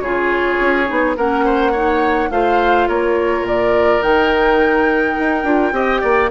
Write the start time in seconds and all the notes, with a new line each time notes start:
0.00 C#3 F4 G#4 C#5
0.61 C#4
0.86 B3 D#4
1.17 A#3 C#4 A#4 F#5
1.45 C5
1.72 D#4 C#5
2.31 A3 F4 C5 F5
2.88 A#3 A#4 C#5
3.42 A#2 D5
4.02 D#3 D#4 G5
5.19 D#4
5.44 D4 F4
5.72 C4 G4 D#5
6.01 A#3 D5